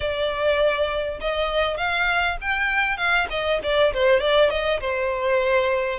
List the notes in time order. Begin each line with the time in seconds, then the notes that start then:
0.00 D5
1.20 D#5
1.77 F5
2.41 G5
2.97 F5
3.30 D#5
3.63 D5
3.93 C5
4.20 D5
4.50 D#5
4.80 C5